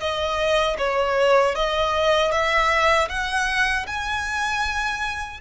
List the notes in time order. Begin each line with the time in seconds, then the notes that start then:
0.00 D#5
0.78 C#5
1.55 D#5
2.31 E5
3.09 F#5
3.87 G#5